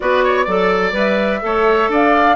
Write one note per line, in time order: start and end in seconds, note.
0.00 0.47 B3
0.00 0.46 F#4
0.00 0.24 B4
0.00 0.94 D5
0.24 0.44 C#5
0.44 0.92 F#3
0.44 0.92 A4
0.44 1.40 D5
0.92 1.40 G3
0.92 1.40 B4
0.92 1.92 E5
1.41 1.88 A3
1.41 2.36 A4
1.41 1.90 C#5
1.88 2.36 D4
1.88 2.36 D5
1.88 2.36 F5